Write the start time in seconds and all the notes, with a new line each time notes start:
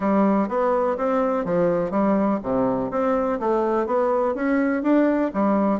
0.00 G3
0.48 B3
0.97 C4
1.45 F3
1.90 G3
2.42 C3
2.91 C4
3.39 A3
3.86 B3
4.34 C#4
4.83 D4
5.33 G3